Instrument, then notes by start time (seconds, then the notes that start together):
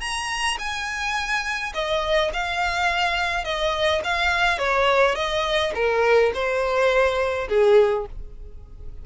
violin
0.00 A#5
0.58 G#5
1.74 D#5
2.33 F5
3.44 D#5
4.04 F5
4.58 C#5
5.15 D#5
5.75 A#4
6.34 C5
7.49 G#4